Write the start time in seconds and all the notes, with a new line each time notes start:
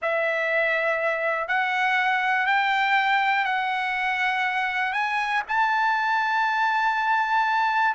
0.02 E5
1.47 F#5
2.46 G5
3.45 F#5
4.92 G#5
5.47 A5